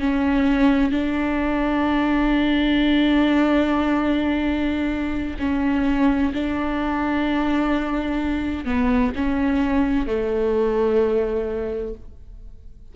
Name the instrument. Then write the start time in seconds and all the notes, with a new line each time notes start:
viola
0.00 C#4
0.91 D4
5.39 C#4
6.33 D4
8.65 B3
9.15 C#4
10.07 A3